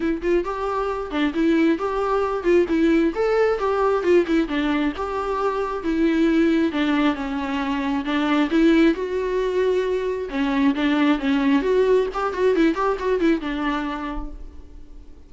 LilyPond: \new Staff \with { instrumentName = "viola" } { \time 4/4 \tempo 4 = 134 e'8 f'8 g'4. d'8 e'4 | g'4. f'8 e'4 a'4 | g'4 f'8 e'8 d'4 g'4~ | g'4 e'2 d'4 |
cis'2 d'4 e'4 | fis'2. cis'4 | d'4 cis'4 fis'4 g'8 fis'8 | e'8 g'8 fis'8 e'8 d'2 | }